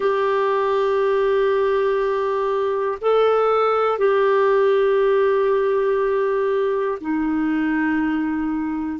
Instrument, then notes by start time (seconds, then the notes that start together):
clarinet
0.00 G4
3.00 A4
3.98 G4
7.00 D#4